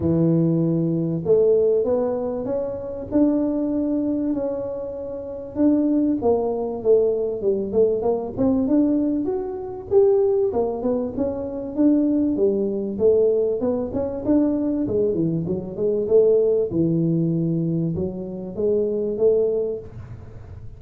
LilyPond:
\new Staff \with { instrumentName = "tuba" } { \time 4/4 \tempo 4 = 97 e2 a4 b4 | cis'4 d'2 cis'4~ | cis'4 d'4 ais4 a4 | g8 a8 ais8 c'8 d'4 fis'4 |
g'4 ais8 b8 cis'4 d'4 | g4 a4 b8 cis'8 d'4 | gis8 e8 fis8 gis8 a4 e4~ | e4 fis4 gis4 a4 | }